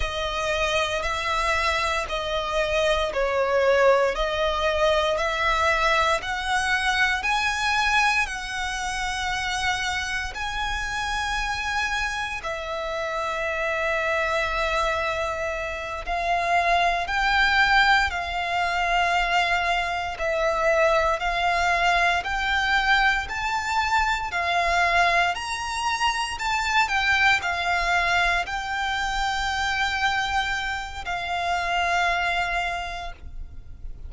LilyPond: \new Staff \with { instrumentName = "violin" } { \time 4/4 \tempo 4 = 58 dis''4 e''4 dis''4 cis''4 | dis''4 e''4 fis''4 gis''4 | fis''2 gis''2 | e''2.~ e''8 f''8~ |
f''8 g''4 f''2 e''8~ | e''8 f''4 g''4 a''4 f''8~ | f''8 ais''4 a''8 g''8 f''4 g''8~ | g''2 f''2 | }